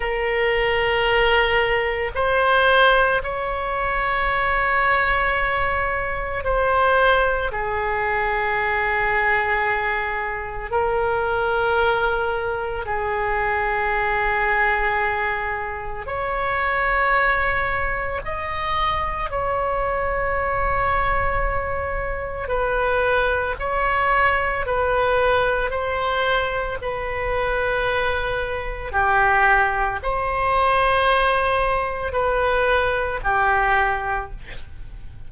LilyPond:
\new Staff \with { instrumentName = "oboe" } { \time 4/4 \tempo 4 = 56 ais'2 c''4 cis''4~ | cis''2 c''4 gis'4~ | gis'2 ais'2 | gis'2. cis''4~ |
cis''4 dis''4 cis''2~ | cis''4 b'4 cis''4 b'4 | c''4 b'2 g'4 | c''2 b'4 g'4 | }